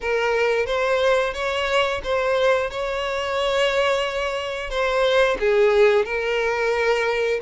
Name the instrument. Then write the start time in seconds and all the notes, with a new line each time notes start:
violin
0.00 A#4
0.66 C5
1.33 C#5
2.03 C5
2.70 C#5
4.69 C5
5.39 G#4
6.05 A#4